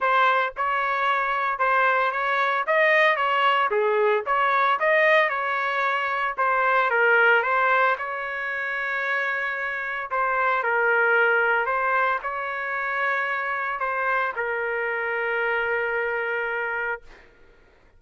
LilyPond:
\new Staff \with { instrumentName = "trumpet" } { \time 4/4 \tempo 4 = 113 c''4 cis''2 c''4 | cis''4 dis''4 cis''4 gis'4 | cis''4 dis''4 cis''2 | c''4 ais'4 c''4 cis''4~ |
cis''2. c''4 | ais'2 c''4 cis''4~ | cis''2 c''4 ais'4~ | ais'1 | }